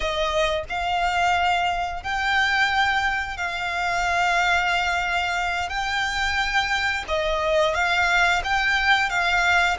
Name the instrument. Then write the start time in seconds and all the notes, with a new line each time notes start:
violin
0.00 D#5
0.69 F5
2.03 G5
3.37 F5
5.69 G5
7.08 D#5
7.74 F5
8.44 G5
9.09 F5